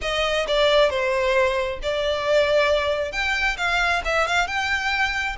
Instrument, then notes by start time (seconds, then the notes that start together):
violin
0.01 D#5
0.47 D5
0.90 C5
1.82 D5
3.12 G5
3.57 F5
4.04 E5
4.27 F5
4.47 G5